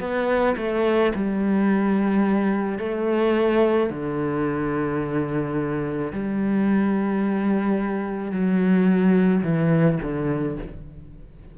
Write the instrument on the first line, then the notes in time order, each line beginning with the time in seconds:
cello
0.00 B3
0.57 A3
1.15 G3
2.79 A3
3.90 D3
6.13 G3
8.32 F#3
9.43 E3
10.02 D3